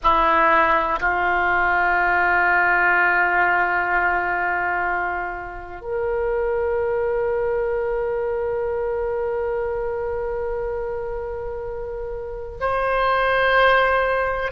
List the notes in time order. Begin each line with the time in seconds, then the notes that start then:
0.03 E4
1.00 F4
5.81 A#4
12.60 C5